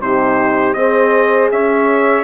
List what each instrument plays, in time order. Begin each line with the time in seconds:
0.00 bassoon C3, horn D#4, saxophone G4, trumpet C5
0.73 bassoon C4, horn G#4, saxophone C5, trumpet D#5
1.51 bassoon C#4, saxophone C#5, trumpet E5